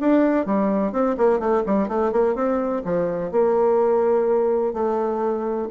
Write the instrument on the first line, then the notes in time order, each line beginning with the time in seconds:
bassoon
0.00 D4
0.45 G3
0.92 C4
1.17 A#3
1.39 A3
1.66 G3
1.88 A3
2.12 A#3
2.35 C4
2.84 F3
3.31 A#3
4.73 A3